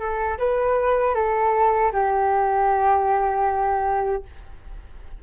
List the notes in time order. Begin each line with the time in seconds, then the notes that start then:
0.00 A4
0.39 B4
1.15 A4
1.93 G4